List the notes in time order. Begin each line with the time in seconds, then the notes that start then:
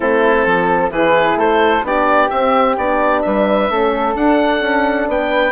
0.00 A3 C4 E4 A4
0.44 F3 A4
0.90 E3 E4 G#4 B4
1.36 A3 A4 C5
1.83 B3 D4 G4 D5
2.29 C4 E5
2.77 B3 D4 D5
3.21 G3 B4 E5
3.69 A3 C#4 A4
4.14 D4 F#5
4.60 C#4
5.08 B3 B4 G5